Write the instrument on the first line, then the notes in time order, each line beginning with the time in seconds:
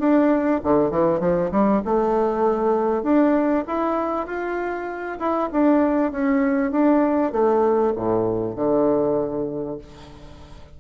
bassoon
0.00 D4
0.64 D3
0.91 E3
1.20 F3
1.52 G3
1.85 A3
3.03 D4
3.68 E4
4.27 F4
5.19 E4
5.53 D4
6.12 C#4
6.72 D4
7.32 A3
7.96 A2
8.56 D3